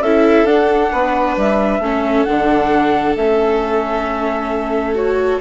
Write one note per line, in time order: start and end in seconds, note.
0.00 0.44 C#4
0.00 0.47 E4
0.00 0.92 A4
0.00 0.46 E5
0.44 0.89 D4
0.44 1.82 D4
0.44 1.36 F#5
0.92 1.36 B3
0.92 1.81 B4
1.36 1.79 G3
1.36 2.24 E5
1.79 2.24 A3
1.79 2.27 C#4
1.79 5.40 A4
2.24 3.16 D3
2.24 3.16 D4
2.24 3.13 F#5
3.16 5.39 A3
3.16 4.95 C#4
3.16 4.95 E5
4.95 5.40 F#4
4.95 5.40 C#5